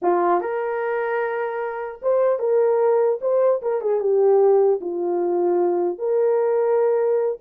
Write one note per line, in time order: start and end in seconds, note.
0.01 0.40 F4
0.40 2.00 A#4
2.02 2.39 C5
2.39 3.19 A#4
3.21 3.61 C5
3.61 3.81 A#4
3.81 3.99 G#4
3.99 4.79 G4
4.81 5.98 F4
5.98 7.38 A#4